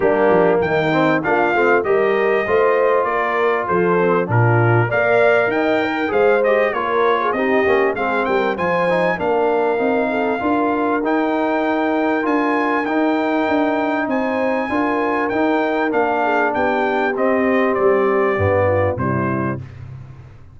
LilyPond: <<
  \new Staff \with { instrumentName = "trumpet" } { \time 4/4 \tempo 4 = 98 g'4 g''4 f''4 dis''4~ | dis''4 d''4 c''4 ais'4 | f''4 g''4 f''8 dis''8 cis''4 | dis''4 f''8 g''8 gis''4 f''4~ |
f''2 g''2 | gis''4 g''2 gis''4~ | gis''4 g''4 f''4 g''4 | dis''4 d''2 c''4 | }
  \new Staff \with { instrumentName = "horn" } { \time 4/4 d'4 dis'4 f'4 ais'4 | c''4 ais'4 a'4 f'4 | d''4 dis''8 ais'8 c''4 ais'8. gis'16 | g'4 gis'8 ais'8 c''4 ais'4~ |
ais'8 a'8 ais'2.~ | ais'2. c''4 | ais'2~ ais'8 gis'8 g'4~ | g'2~ g'8 f'8 e'4 | }
  \new Staff \with { instrumentName = "trombone" } { \time 4/4 ais4. c'8 d'8 c'8 g'4 | f'2~ f'8 c'8 d'4 | ais'2 gis'8 g'8 f'4 | dis'8 cis'8 c'4 f'8 dis'8 d'4 |
dis'4 f'4 dis'2 | f'4 dis'2. | f'4 dis'4 d'2 | c'2 b4 g4 | }
  \new Staff \with { instrumentName = "tuba" } { \time 4/4 g8 f8 dis4 ais8 a8 g4 | a4 ais4 f4 ais,4 | ais4 dis'4 gis4 ais4 | c'8 ais8 gis8 g8 f4 ais4 |
c'4 d'4 dis'2 | d'4 dis'4 d'4 c'4 | d'4 dis'4 ais4 b4 | c'4 g4 g,4 c4 | }
>>